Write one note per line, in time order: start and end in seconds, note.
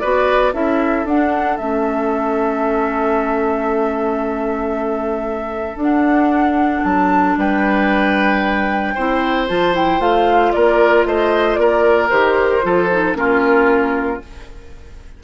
0.00 0.54 B3
0.00 0.53 F#4
0.00 0.53 B4
0.00 0.53 D5
0.53 1.05 C#4
0.53 1.05 E4
0.53 7.37 A4
0.53 1.06 E5
1.05 1.57 D4
1.05 1.59 D4
1.05 1.57 F#5
1.57 5.75 A3
1.57 5.80 C#4
1.57 5.78 E5
5.75 6.81 D4
5.75 8.96 D4
5.82 6.84 F#5
6.84 7.37 F#3
6.84 7.37 A5
7.37 8.95 G3
7.37 8.95 B4
7.37 9.48 G5
8.95 9.49 C4
8.95 9.48 E4
8.95 10.53 C5
9.48 9.99 F3
9.48 9.73 F4
9.48 9.74 A5
9.73 9.99 E4
9.73 10.01 G5
9.99 10.52 A3
9.99 12.09 F4
9.99 10.52 F5
10.52 11.05 A#3
10.52 11.07 A#4
10.52 11.05 D5
11.05 11.57 A3
11.05 11.60 C5
11.05 11.55 D#5
11.55 12.10 A#3
11.55 12.65 A#4
11.55 12.08 D5
12.10 12.63 D#3
12.10 12.62 G4
12.10 13.15 C5
12.62 13.15 F3
12.62 12.88 F4
12.62 13.18 A4
12.91 13.14 D#4
13.14 14.20 A#3
13.14 14.20 C#4
13.14 14.24 F4
13.14 14.22 A#4